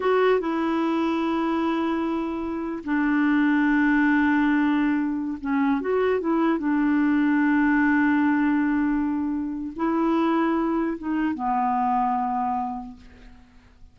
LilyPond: \new Staff \with { instrumentName = "clarinet" } { \time 4/4 \tempo 4 = 148 fis'4 e'2.~ | e'2. d'4~ | d'1~ | d'4~ d'16 cis'4 fis'4 e'8.~ |
e'16 d'2.~ d'8.~ | d'1 | e'2. dis'4 | b1 | }